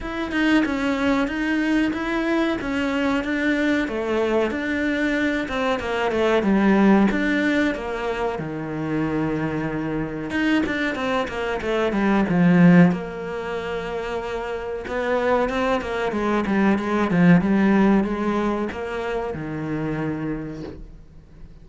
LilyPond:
\new Staff \with { instrumentName = "cello" } { \time 4/4 \tempo 4 = 93 e'8 dis'8 cis'4 dis'4 e'4 | cis'4 d'4 a4 d'4~ | d'8 c'8 ais8 a8 g4 d'4 | ais4 dis2. |
dis'8 d'8 c'8 ais8 a8 g8 f4 | ais2. b4 | c'8 ais8 gis8 g8 gis8 f8 g4 | gis4 ais4 dis2 | }